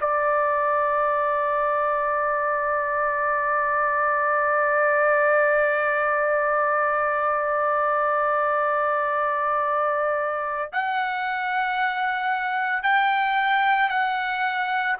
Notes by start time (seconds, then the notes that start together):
0.00 D5
10.72 F#5
12.82 G5
13.89 F#5